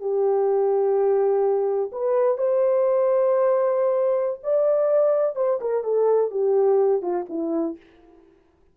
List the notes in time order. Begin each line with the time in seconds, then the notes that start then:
0.00 G4
1.92 B4
2.38 C5
4.43 D5
5.36 C5
5.61 A#4
5.84 A4
6.31 G4
7.02 F4
7.29 E4